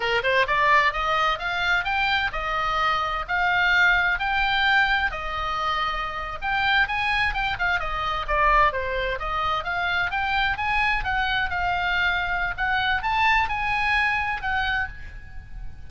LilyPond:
\new Staff \with { instrumentName = "oboe" } { \time 4/4 \tempo 4 = 129 ais'8 c''8 d''4 dis''4 f''4 | g''4 dis''2 f''4~ | f''4 g''2 dis''4~ | dis''4.~ dis''16 g''4 gis''4 g''16~ |
g''16 f''8 dis''4 d''4 c''4 dis''16~ | dis''8. f''4 g''4 gis''4 fis''16~ | fis''8. f''2~ f''16 fis''4 | a''4 gis''2 fis''4 | }